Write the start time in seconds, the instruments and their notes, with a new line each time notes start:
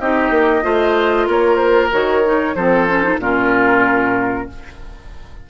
0.00 bassoon C4, clarinet D#4, oboe G4, flute D#5
0.30 bassoon A#3
0.62 bassoon A3, clarinet F4, oboe C5
1.27 bassoon A#3, oboe A#4, flute C#5
1.56 flute C5
1.92 bassoon D#3, clarinet F#4, flute C#5
2.24 clarinet D#4
2.55 bassoon F3, clarinet C4, oboe A4, flute C5
2.88 clarinet C#4
3.03 clarinet D#4
3.18 bassoon A#2, clarinet C#4, oboe F4, flute A#4